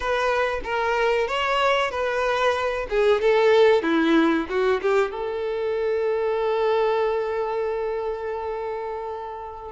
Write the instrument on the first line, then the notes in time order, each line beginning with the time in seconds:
violin
0.00 B4
0.64 A#4
1.27 C#5
1.91 B4
2.89 G#4
3.21 A4
3.82 E4
4.49 F#4
4.81 G4
5.11 A4